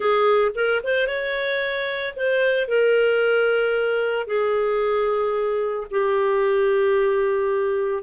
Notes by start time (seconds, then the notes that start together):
0.00 G#4
0.54 A#4
0.83 C5
1.07 C#5
2.16 C5
2.68 A#4
4.26 G#4
5.91 G4